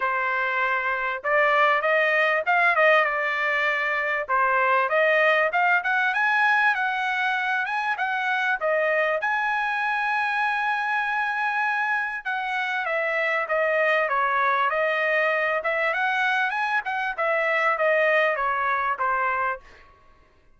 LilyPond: \new Staff \with { instrumentName = "trumpet" } { \time 4/4 \tempo 4 = 98 c''2 d''4 dis''4 | f''8 dis''8 d''2 c''4 | dis''4 f''8 fis''8 gis''4 fis''4~ | fis''8 gis''8 fis''4 dis''4 gis''4~ |
gis''1 | fis''4 e''4 dis''4 cis''4 | dis''4. e''8 fis''4 gis''8 fis''8 | e''4 dis''4 cis''4 c''4 | }